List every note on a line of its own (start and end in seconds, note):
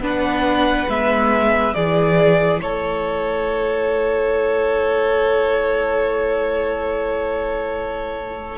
0.00 0.86 B3
0.00 0.88 D4
0.00 1.75 B4
0.07 0.90 F#5
0.89 1.74 G#3
0.89 1.74 B3
0.89 1.74 E5
1.74 2.61 E3
1.74 8.59 E4
1.74 2.61 G#4
1.74 2.60 D5
2.61 8.59 A3
2.61 8.59 A4
2.61 8.59 C#5